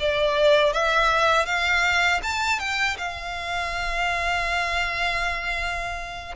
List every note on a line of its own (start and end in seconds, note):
0.00 0.73 D5
0.73 1.46 E5
1.46 2.21 F5
2.23 2.60 A5
2.60 2.97 G5
2.98 6.35 F5